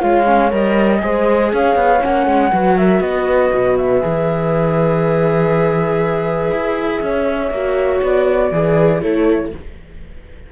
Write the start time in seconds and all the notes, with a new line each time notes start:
0.00 G#3 F4 C#5 F5
0.26 C#4
0.51 G3 A#4 D#5
0.99 G#3 G#4 C5
1.52 C#4 C#5 F5
1.76 B3
2.00 A#3 C#4 F#5
2.27 G#3
2.52 F#3 F#4 B4
2.78 A#4 E5
3.01 B3 B4 D#5
3.53 B2
3.78 E5
4.01 E3 G#4
6.52 E4
7.02 C#4 C#5
7.51 A#3 F#4
8.03 B3 D5
8.52 E3 G#4 B4
9.02 A3 E4 A4 C#5